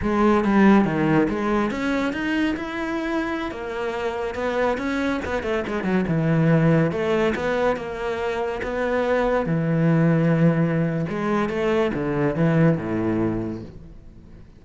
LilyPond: \new Staff \with { instrumentName = "cello" } { \time 4/4 \tempo 4 = 141 gis4 g4 dis4 gis4 | cis'4 dis'4 e'2~ | e'16 ais2 b4 cis'8.~ | cis'16 b8 a8 gis8 fis8 e4.~ e16~ |
e16 a4 b4 ais4.~ ais16~ | ais16 b2 e4.~ e16~ | e2 gis4 a4 | d4 e4 a,2 | }